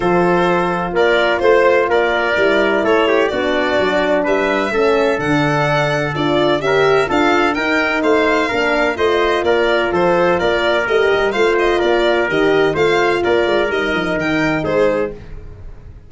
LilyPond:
<<
  \new Staff \with { instrumentName = "violin" } { \time 4/4 \tempo 4 = 127 c''2 d''4 c''4 | d''2 cis''4 d''4~ | d''4 e''2 fis''4~ | fis''4 d''4 e''4 f''4 |
g''4 f''2 dis''4 | d''4 c''4 d''4 dis''4 | f''8 dis''8 d''4 dis''4 f''4 | d''4 dis''4 g''4 c''4 | }
  \new Staff \with { instrumentName = "trumpet" } { \time 4/4 a'2 ais'4 c''4 | ais'2 a'8 g'8 fis'4~ | fis'4 b'4 a'2~ | a'2 ais'4 a'4 |
ais'4 c''4 ais'4 c''4 | ais'4 a'4 ais'2 | c''4 ais'2 c''4 | ais'2. gis'4 | }
  \new Staff \with { instrumentName = "horn" } { \time 4/4 f'1~ | f'4 e'2 d'4~ | d'2 cis'4 d'4~ | d'4 f'4 g'4 f'4 |
dis'2 d'4 f'4~ | f'2. g'4 | f'2 g'4 f'4~ | f'4 dis'2. | }
  \new Staff \with { instrumentName = "tuba" } { \time 4/4 f2 ais4 a4 | ais4 g4 a4 b4 | fis4 g4 a4 d4~ | d4 d'4 cis'4 d'4 |
dis'4 a4 ais4 a4 | ais4 f4 ais4 a8 g8 | a4 ais4 dis4 a4 | ais8 gis8 g8 f8 dis4 gis4 | }
>>